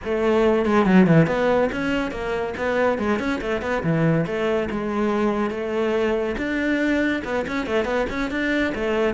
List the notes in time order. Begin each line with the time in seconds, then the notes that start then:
0.04 A3
0.65 G#3
0.85 F#3
1.06 E3
1.27 B3
1.72 C#4
2.11 A#3
2.57 B3
2.98 G#3
3.19 C#4
3.41 A3
3.61 B3
3.83 E3
4.26 A3
4.70 G#3
5.50 A3
6.37 D4
7.24 B3
7.47 C#4
7.66 A3
7.85 B3
8.09 C#4
8.30 D4
8.74 A3